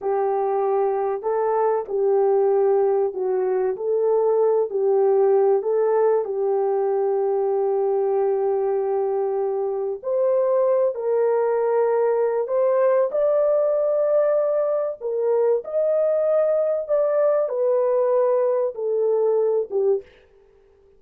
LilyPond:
\new Staff \with { instrumentName = "horn" } { \time 4/4 \tempo 4 = 96 g'2 a'4 g'4~ | g'4 fis'4 a'4. g'8~ | g'4 a'4 g'2~ | g'1 |
c''4. ais'2~ ais'8 | c''4 d''2. | ais'4 dis''2 d''4 | b'2 a'4. g'8 | }